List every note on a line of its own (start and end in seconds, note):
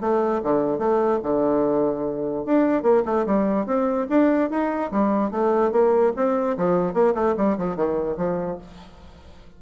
0.00 0.41 A3
0.43 0.78 D3
0.78 1.19 A3
1.23 2.45 D3
2.45 2.82 D4
2.82 3.03 A#3
3.05 3.25 A3
3.26 3.66 G3
3.66 4.06 C4
4.09 4.50 D4
4.50 4.91 D#4
4.91 5.31 G3
5.31 5.71 A3
5.71 6.12 A#3
6.16 6.57 C4
6.57 6.93 F3
6.93 7.14 A#3
7.14 7.35 A3
7.37 7.57 G3
7.57 7.76 F3
7.76 8.17 D#3
8.17 8.58 F3